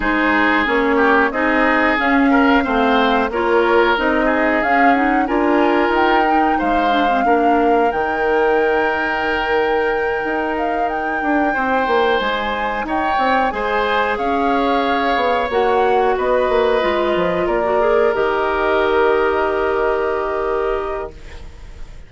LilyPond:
<<
  \new Staff \with { instrumentName = "flute" } { \time 4/4 \tempo 4 = 91 c''4 cis''4 dis''4 f''4~ | f''4 cis''4 dis''4 f''8 fis''8 | gis''4 g''4 f''2 | g''1 |
f''8 g''2 gis''4 g''8~ | g''8 gis''4 f''2 fis''8~ | fis''8 dis''2 d''4 dis''8~ | dis''1 | }
  \new Staff \with { instrumentName = "oboe" } { \time 4/4 gis'4. g'8 gis'4. ais'8 | c''4 ais'4. gis'4. | ais'2 c''4 ais'4~ | ais'1~ |
ais'4. c''2 cis''8~ | cis''8 c''4 cis''2~ cis''8~ | cis''8 b'2 ais'4.~ | ais'1 | }
  \new Staff \with { instrumentName = "clarinet" } { \time 4/4 dis'4 cis'4 dis'4 cis'4 | c'4 f'4 dis'4 cis'8 dis'8 | f'4. dis'4 d'16 c'16 d'4 | dis'1~ |
dis'1~ | dis'8 gis'2. fis'8~ | fis'4. f'4~ f'16 fis'16 gis'8 g'8~ | g'1 | }
  \new Staff \with { instrumentName = "bassoon" } { \time 4/4 gis4 ais4 c'4 cis'4 | a4 ais4 c'4 cis'4 | d'4 dis'4 gis4 ais4 | dis2.~ dis8 dis'8~ |
dis'4 d'8 c'8 ais8 gis4 dis'8 | c'8 gis4 cis'4. b8 ais8~ | ais8 b8 ais8 gis8 f8 ais4 dis8~ | dis1 | }
>>